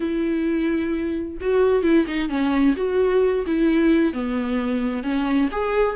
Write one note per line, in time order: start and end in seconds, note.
0.00 1.37 E4
1.40 1.82 F#4
1.82 2.05 E4
2.07 2.29 D#4
2.29 2.74 C#4
2.76 3.45 F#4
3.46 4.13 E4
4.13 5.03 B3
5.03 5.48 C#4
5.51 5.96 G#4